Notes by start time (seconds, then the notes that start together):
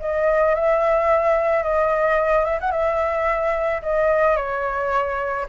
0.00 D#5
0.55 E5
1.63 D#5
2.45 E5
2.61 F#5
2.72 E5
3.83 D#5
4.37 C#5